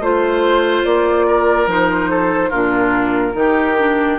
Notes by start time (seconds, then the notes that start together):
0.00 A3 F4 C5
0.85 A#3 D5
1.28 A#4
1.67 F3 D#4 C5
2.10 A4
2.49 A#2 D4 F4 A#4
3.33 D#3 D#4
3.39 G4
3.78 D4